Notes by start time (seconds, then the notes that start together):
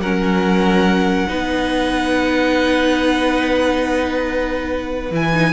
0.00 F#3 C#4 A#4 F#5
1.28 B3 D#4 B4
5.11 E3 E4 G#5
5.34 D#4